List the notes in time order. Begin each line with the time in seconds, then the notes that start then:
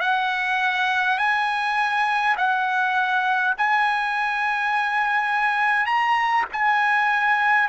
0.00 F#5
1.18 G#5
2.37 F#5
3.58 G#5
5.86 A#5
6.52 G#5